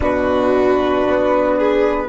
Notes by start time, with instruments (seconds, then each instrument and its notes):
0.00 bassoon B2, horn D4, violin F#4, flute B4
1.06 bassoon B3
1.58 violin G#4